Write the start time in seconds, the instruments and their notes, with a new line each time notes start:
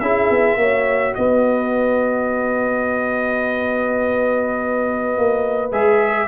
0.00 tuba C#4, trombone E4, horn G#4, trumpet E5
0.30 tuba B3
0.56 tuba A#3, trombone F#4, horn C#5
1.15 tuba B3, horn B4, trumpet D#5
5.18 tuba A#3
5.72 tuba G#3, trombone G#4, trumpet E5